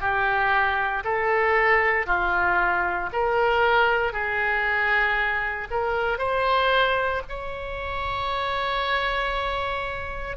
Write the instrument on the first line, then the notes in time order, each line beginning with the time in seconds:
oboe
0.00 G4
1.04 A4
2.06 F4
3.13 A#4
4.13 G#4
5.71 A#4
6.18 C5
7.29 C#5